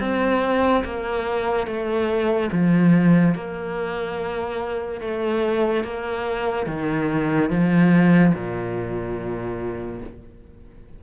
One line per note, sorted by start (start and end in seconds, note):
0.00 0.83 C4
0.84 1.67 A#3
1.67 2.50 A3
2.52 3.34 F3
3.34 5.00 A#3
5.00 5.84 A3
5.84 6.66 A#3
6.66 7.50 D#3
7.50 8.33 F3
8.34 10.01 A#2